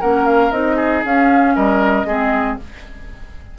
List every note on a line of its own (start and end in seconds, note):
0.00 0.51 A#3
0.00 0.51 C#4
0.00 0.76 A#4
0.00 0.25 F#5
0.25 0.51 F5
0.51 1.03 C4
0.51 1.03 D#4
0.51 1.03 D#5
0.76 1.53 G#4
1.04 1.56 C#4
1.04 2.06 C#4
1.04 1.55 F5
1.55 2.04 G3
1.55 2.06 A#4
1.55 2.58 D#5
2.04 2.56 G#3
2.04 2.58 C4
2.04 2.58 G#4